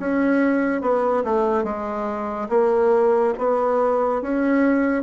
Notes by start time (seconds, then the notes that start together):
0.00 C#4
0.82 B3
1.25 A3
1.64 G#3
2.50 A#3
3.39 B3
4.23 C#4